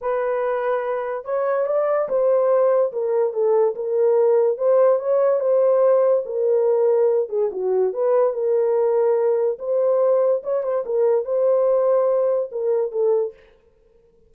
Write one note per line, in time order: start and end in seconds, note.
0.01 1.25 B4
1.25 1.66 C#5
1.66 2.08 D5
2.08 2.92 C5
2.92 3.33 A#4
3.33 3.75 A4
3.75 4.57 A#4
4.57 4.99 C5
4.99 5.40 C#5
5.40 6.23 C5
6.25 7.29 A#4
7.29 7.49 G#4
7.51 7.93 F#4
7.93 8.33 B4
8.33 9.58 A#4
9.59 10.42 C5
10.43 10.63 C#5
10.63 10.84 C5
10.85 11.25 A#4
11.25 12.50 C5
12.51 12.91 A#4
12.91 13.33 A4